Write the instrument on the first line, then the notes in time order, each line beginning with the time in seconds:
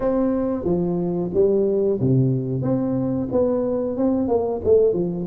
tuba
0.00 C4
0.64 F3
1.34 G3
2.00 C3
2.62 C4
3.31 B3
3.97 C4
4.27 A#3
4.64 A3
4.93 F3